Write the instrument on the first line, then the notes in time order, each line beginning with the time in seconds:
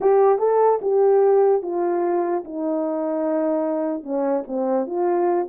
horn
0.01 G4
0.39 A4
0.81 G4
1.62 F4
2.44 D#4
4.03 C#4
4.47 C4
4.86 F4